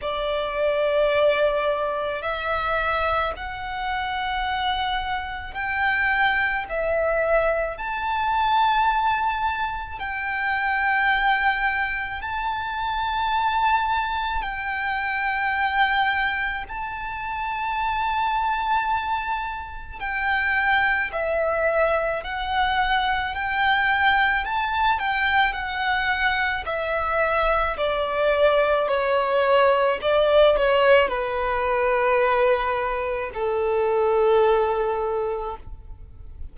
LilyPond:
\new Staff \with { instrumentName = "violin" } { \time 4/4 \tempo 4 = 54 d''2 e''4 fis''4~ | fis''4 g''4 e''4 a''4~ | a''4 g''2 a''4~ | a''4 g''2 a''4~ |
a''2 g''4 e''4 | fis''4 g''4 a''8 g''8 fis''4 | e''4 d''4 cis''4 d''8 cis''8 | b'2 a'2 | }